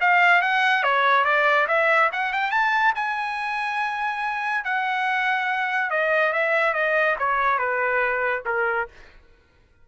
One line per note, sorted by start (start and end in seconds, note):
0.00 0.41 F5
0.41 0.83 F#5
0.83 1.24 C#5
1.24 1.66 D5
1.67 2.10 E5
2.12 2.32 F#5
2.32 2.50 G5
2.50 2.93 A5
2.95 4.64 G#5
4.64 5.90 F#5
5.90 6.32 D#5
6.32 6.73 E5
6.73 7.16 D#5
7.19 7.58 C#5
7.58 8.43 B4
8.45 8.88 A#4